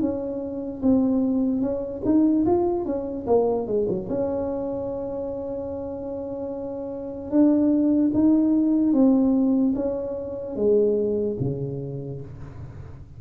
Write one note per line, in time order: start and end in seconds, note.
0.00 0.81 C#4
0.82 1.61 C4
1.61 2.02 C#4
2.05 2.45 D#4
2.45 2.85 F4
2.85 3.25 C#4
3.26 3.66 A#3
3.66 3.87 G#3
3.88 4.08 F#3
4.09 7.30 C#4
7.30 8.11 D4
8.13 8.93 D#4
8.93 9.74 C4
9.75 10.56 C#4
10.56 11.37 G#3
11.40 12.21 C#3